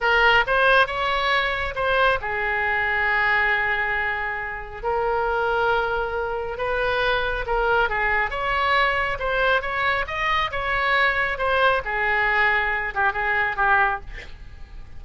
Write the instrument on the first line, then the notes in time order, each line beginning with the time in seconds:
oboe
0.00 A#4
0.46 C5
0.87 C#5
1.75 C5
2.21 G#4
4.83 A#4
6.57 B4
7.46 A#4
7.89 G#4
8.30 C#5
9.19 C5
9.61 C#5
10.07 D#5
10.51 C#5
11.38 C5
11.84 G#4
12.94 G4
13.12 G#4
13.56 G4